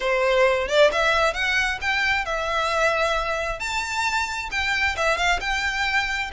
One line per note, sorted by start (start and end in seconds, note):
0.00 0.68 C5
0.68 0.90 D5
0.92 1.33 E5
1.33 1.78 F#5
1.81 2.25 G5
2.25 3.59 E5
3.59 4.49 A5
4.51 4.96 G5
4.96 5.17 E5
5.17 5.39 F5
5.40 6.30 G5